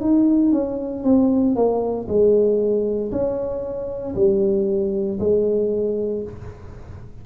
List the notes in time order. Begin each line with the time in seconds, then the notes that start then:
0.00 D#4
0.52 C#4
1.03 C4
1.55 A#3
2.08 G#3
3.11 C#4
4.15 G3
5.20 G#3